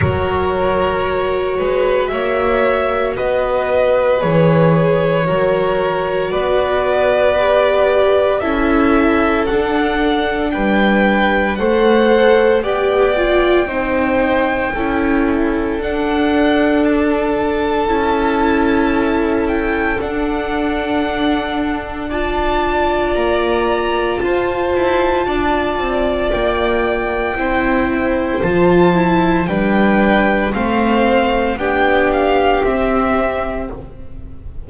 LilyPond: <<
  \new Staff \with { instrumentName = "violin" } { \time 4/4 \tempo 4 = 57 cis''2 e''4 dis''4 | cis''2 d''2 | e''4 fis''4 g''4 fis''4 | g''2. fis''4 |
a''2~ a''8 g''8 fis''4~ | fis''4 a''4 ais''4 a''4~ | a''4 g''2 a''4 | g''4 f''4 g''8 f''8 e''4 | }
  \new Staff \with { instrumentName = "violin" } { \time 4/4 ais'4. b'8 cis''4 b'4~ | b'4 ais'4 b'2 | a'2 b'4 c''4 | d''4 c''4 a'2~ |
a'1~ | a'4 d''2 c''4 | d''2 c''2 | b'4 c''4 g'2 | }
  \new Staff \with { instrumentName = "viola" } { \time 4/4 fis'1 | gis'4 fis'2 g'4 | e'4 d'2 a'4 | g'8 f'8 dis'4 e'4 d'4~ |
d'4 e'2 d'4~ | d'4 f'2.~ | f'2 e'4 f'8 e'8 | d'4 c'4 d'4 c'4 | }
  \new Staff \with { instrumentName = "double bass" } { \time 4/4 fis4. gis8 ais4 b4 | e4 fis4 b2 | cis'4 d'4 g4 a4 | b4 c'4 cis'4 d'4~ |
d'4 cis'2 d'4~ | d'2 ais4 f'8 e'8 | d'8 c'8 ais4 c'4 f4 | g4 a4 b4 c'4 | }
>>